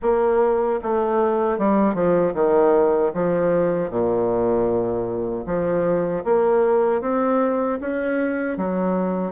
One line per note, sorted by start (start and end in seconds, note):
0.02 0.80 A#3
0.83 1.58 A3
1.58 1.94 G3
1.94 2.33 F3
2.34 3.12 D#3
3.14 3.90 F3
3.90 5.45 A#2
5.45 6.23 F3
6.24 7.01 A#3
7.01 7.79 C4
7.80 8.57 C#4
8.57 9.32 F#3